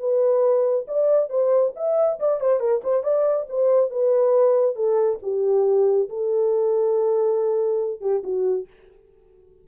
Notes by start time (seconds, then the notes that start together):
0.00 B4
0.88 D5
1.30 C5
1.76 E5
2.20 D5
2.41 C5
2.61 A#4
2.84 C5
3.04 D5
3.50 C5
3.91 B4
4.76 A4
5.23 G4
6.09 A4
8.01 G4
8.24 F#4